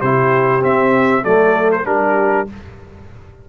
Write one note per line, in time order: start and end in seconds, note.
0.00 0.63 C3
0.00 0.60 E4
0.00 1.23 G4
0.00 0.62 C5
0.60 1.22 C4
0.60 1.24 C4
0.60 1.24 E5
1.23 1.85 F#3
1.23 1.84 A3
1.23 1.85 A4
1.23 1.70 D5
1.71 1.86 C5
1.84 2.47 G3
1.84 2.46 D4
1.84 2.49 G4
1.84 2.47 A#4